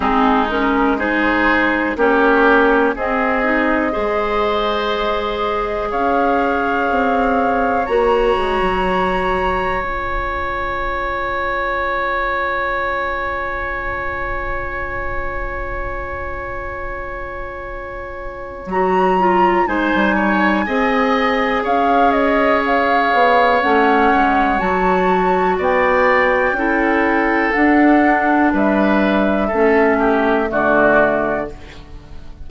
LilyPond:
<<
  \new Staff \with { instrumentName = "flute" } { \time 4/4 \tempo 4 = 61 gis'8 ais'8 c''4 cis''4 dis''4~ | dis''2 f''2 | ais''2 gis''2~ | gis''1~ |
gis''2. ais''4 | gis''2 f''8 dis''8 f''4 | fis''4 a''4 g''2 | fis''4 e''2 d''4 | }
  \new Staff \with { instrumentName = "oboe" } { \time 4/4 dis'4 gis'4 g'4 gis'4 | c''2 cis''2~ | cis''1~ | cis''1~ |
cis''1 | c''8 cis''8 dis''4 cis''2~ | cis''2 d''4 a'4~ | a'4 b'4 a'8 g'8 fis'4 | }
  \new Staff \with { instrumentName = "clarinet" } { \time 4/4 c'8 cis'8 dis'4 cis'4 c'8 dis'8 | gis'1 | fis'2 f'2~ | f'1~ |
f'2. fis'8 f'8 | dis'4 gis'2. | cis'4 fis'2 e'4 | d'2 cis'4 a4 | }
  \new Staff \with { instrumentName = "bassoon" } { \time 4/4 gis2 ais4 c'4 | gis2 cis'4 c'4 | ais8 gis16 fis4~ fis16 cis'2~ | cis'1~ |
cis'2. fis4 | gis16 g8. c'4 cis'4. b8 | a8 gis8 fis4 b4 cis'4 | d'4 g4 a4 d4 | }
>>